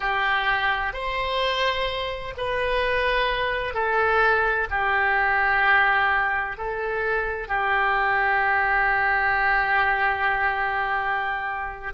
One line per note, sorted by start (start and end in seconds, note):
0.00 0.93 G4
0.93 2.34 C5
2.37 3.73 B4
3.73 4.67 A4
4.70 6.57 G4
6.57 7.47 A4
7.47 11.93 G4